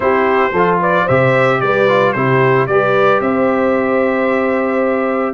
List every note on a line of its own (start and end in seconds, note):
0.00 0.52 C4
0.00 0.51 E4
0.00 0.52 G4
0.00 0.78 C5
0.52 1.05 F3
0.52 1.08 F4
0.52 0.79 A4
0.79 1.04 B4
0.79 1.08 D5
1.04 1.61 C3
1.04 1.88 G4
1.04 1.57 C5
1.04 1.60 E5
1.60 2.15 G3
1.60 2.14 B4
1.60 2.12 D5
1.88 2.15 F4
2.12 2.67 C3
2.12 2.69 E4
2.12 2.67 G4
2.12 2.66 C5
2.66 3.20 G3
2.66 5.33 G4
2.66 3.23 B4
2.66 3.20 D5
3.20 5.33 C4
3.20 5.33 C5
3.20 5.33 E5